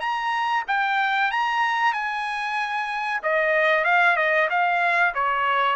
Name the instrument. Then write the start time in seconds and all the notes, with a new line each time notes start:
trumpet
0.00 A#5
0.68 G5
1.31 A#5
1.93 G#5
3.23 D#5
3.84 F5
4.17 D#5
4.50 F5
5.14 C#5